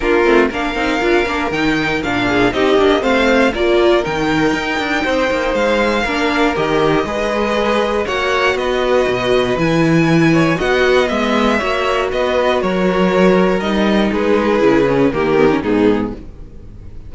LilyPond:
<<
  \new Staff \with { instrumentName = "violin" } { \time 4/4 \tempo 4 = 119 ais'4 f''2 g''4 | f''4 dis''4 f''4 d''4 | g''2. f''4~ | f''4 dis''2. |
fis''4 dis''2 gis''4~ | gis''4 fis''4 e''2 | dis''4 cis''2 dis''4 | b'2 ais'4 gis'4 | }
  \new Staff \with { instrumentName = "violin" } { \time 4/4 f'4 ais'2.~ | ais'8 gis'8 g'4 c''4 ais'4~ | ais'2 c''2 | ais'2 b'2 |
cis''4 b'2.~ | b'8 cis''8 dis''2 cis''4 | b'4 ais'2. | gis'2 g'4 dis'4 | }
  \new Staff \with { instrumentName = "viola" } { \time 4/4 d'8 c'8 d'8 dis'8 f'8 d'8 dis'4 | d'4 dis'8 d'8 c'4 f'4 | dis'1 | d'4 g'4 gis'2 |
fis'2. e'4~ | e'4 fis'4 b4 fis'4~ | fis'2. dis'4~ | dis'4 e'8 cis'8 ais8 b16 cis'16 b4 | }
  \new Staff \with { instrumentName = "cello" } { \time 4/4 ais8 a8 ais8 c'8 d'8 ais8 dis4 | ais,4 c'8 ais8 a4 ais4 | dis4 dis'8 d'8 c'8 ais8 gis4 | ais4 dis4 gis2 |
ais4 b4 b,4 e4~ | e4 b4 gis4 ais4 | b4 fis2 g4 | gis4 cis4 dis4 gis,4 | }
>>